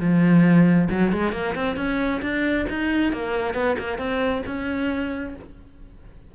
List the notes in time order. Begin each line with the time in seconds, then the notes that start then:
0.00 F3
0.91 F#3
1.12 G#3
1.33 A#3
1.55 C4
1.77 C#4
2.22 D4
2.69 D#4
3.13 A#3
3.54 B3
3.79 A#3
3.98 C4
4.46 C#4